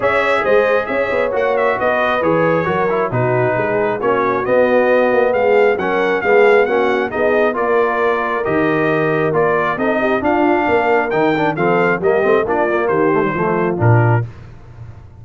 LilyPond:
<<
  \new Staff \with { instrumentName = "trumpet" } { \time 4/4 \tempo 4 = 135 e''4 dis''4 e''4 fis''8 e''8 | dis''4 cis''2 b'4~ | b'4 cis''4 dis''2 | f''4 fis''4 f''4 fis''4 |
dis''4 d''2 dis''4~ | dis''4 d''4 dis''4 f''4~ | f''4 g''4 f''4 dis''4 | d''4 c''2 ais'4 | }
  \new Staff \with { instrumentName = "horn" } { \time 4/4 cis''4 c''4 cis''2 | b'2 ais'4 fis'4 | gis'4 fis'2. | gis'4 ais'4 gis'4 fis'4 |
gis'4 ais'2.~ | ais'2 a'8 g'8 f'4 | ais'2 a'4 g'4 | f'4 g'4 f'2 | }
  \new Staff \with { instrumentName = "trombone" } { \time 4/4 gis'2. fis'4~ | fis'4 gis'4 fis'8 e'8 dis'4~ | dis'4 cis'4 b2~ | b4 cis'4 b4 cis'4 |
dis'4 f'2 g'4~ | g'4 f'4 dis'4 d'4~ | d'4 dis'8 d'8 c'4 ais8 c'8 | d'8 ais4 a16 g16 a4 d'4 | }
  \new Staff \with { instrumentName = "tuba" } { \time 4/4 cis'4 gis4 cis'8 b8 ais4 | b4 e4 fis4 b,4 | gis4 ais4 b4. ais8 | gis4 fis4 gis4 ais4 |
b4 ais2 dis4~ | dis4 ais4 c'4 d'4 | ais4 dis4 f4 g8 a8 | ais4 dis4 f4 ais,4 | }
>>